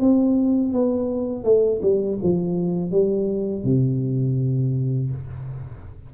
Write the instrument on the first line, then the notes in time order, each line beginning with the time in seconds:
tuba
0.00 C4
0.73 B3
1.44 A3
1.82 G3
2.23 F3
2.91 G3
3.64 C3